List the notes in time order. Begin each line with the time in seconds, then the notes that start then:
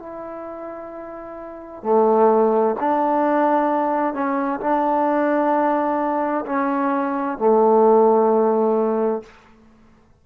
0.00 E4
1.83 A3
2.80 D4
4.14 C#4
4.61 D4
6.46 C#4
7.38 A3